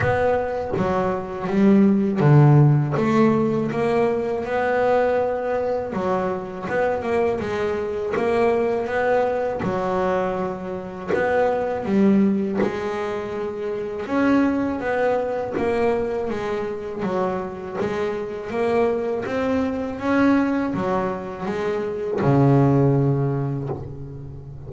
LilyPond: \new Staff \with { instrumentName = "double bass" } { \time 4/4 \tempo 4 = 81 b4 fis4 g4 d4 | a4 ais4 b2 | fis4 b8 ais8 gis4 ais4 | b4 fis2 b4 |
g4 gis2 cis'4 | b4 ais4 gis4 fis4 | gis4 ais4 c'4 cis'4 | fis4 gis4 cis2 | }